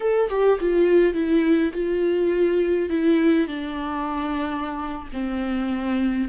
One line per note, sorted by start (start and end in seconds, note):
0.00 0.29 A4
0.29 0.58 G4
0.60 1.14 F4
1.14 1.72 E4
1.73 2.89 F4
2.89 3.47 E4
3.47 5.08 D4
5.13 6.29 C4